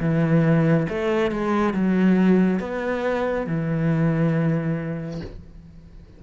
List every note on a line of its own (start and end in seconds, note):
0.00 0.87 E3
0.90 1.32 A3
1.32 1.74 G#3
1.74 2.60 F#3
2.60 3.47 B3
3.47 5.21 E3